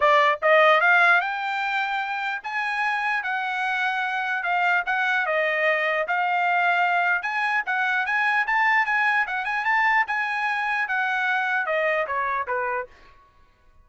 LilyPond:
\new Staff \with { instrumentName = "trumpet" } { \time 4/4 \tempo 4 = 149 d''4 dis''4 f''4 g''4~ | g''2 gis''2 | fis''2. f''4 | fis''4 dis''2 f''4~ |
f''2 gis''4 fis''4 | gis''4 a''4 gis''4 fis''8 gis''8 | a''4 gis''2 fis''4~ | fis''4 dis''4 cis''4 b'4 | }